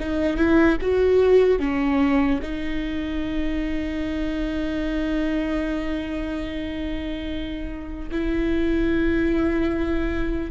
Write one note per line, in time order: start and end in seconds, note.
0.00 0.37 D#4
0.37 0.78 E4
0.82 1.60 F#4
1.60 2.41 C#4
2.42 8.10 D#4
8.12 10.51 E4